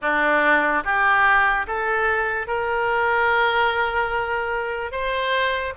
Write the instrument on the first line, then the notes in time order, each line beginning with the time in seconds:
oboe
0.01 D4
0.84 G4
1.67 A4
2.47 A#4
4.91 C5